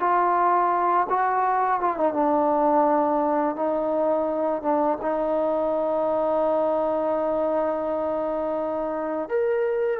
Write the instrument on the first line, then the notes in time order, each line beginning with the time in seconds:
trombone
0.00 F4
1.10 F#4
1.81 F4
1.97 D#4
2.14 D4
3.56 D#4
4.63 D4
5.02 D#4
9.29 A#4